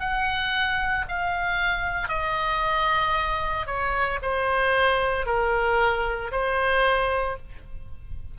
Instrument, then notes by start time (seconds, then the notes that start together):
oboe
0.00 F#5
1.08 F5
2.08 D#5
3.67 C#5
4.22 C5
5.26 A#4
6.32 C5